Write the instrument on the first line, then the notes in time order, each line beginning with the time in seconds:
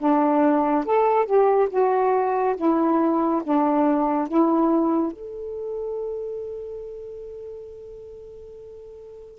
saxophone
0.00 D4
0.86 A4
1.26 G4
1.70 F#4
2.57 E4
3.44 D4
4.29 E4
5.13 A4